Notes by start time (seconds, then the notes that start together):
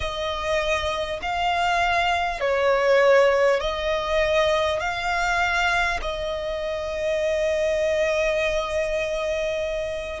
0.00 D#5
1.22 F5
2.40 C#5
3.60 D#5
4.80 F5
6.01 D#5